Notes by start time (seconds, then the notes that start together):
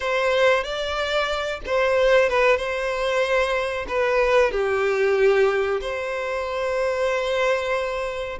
0.00 C5
0.63 D5
1.66 C5
2.29 B4
2.57 C5
3.87 B4
4.51 G4
5.80 C5